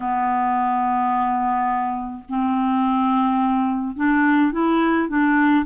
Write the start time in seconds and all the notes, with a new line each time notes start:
0.00 B3
2.28 C4
3.96 D4
4.51 E4
5.08 D4